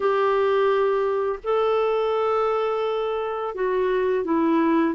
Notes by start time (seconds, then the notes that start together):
0.00 G4
1.43 A4
3.55 F#4
4.24 E4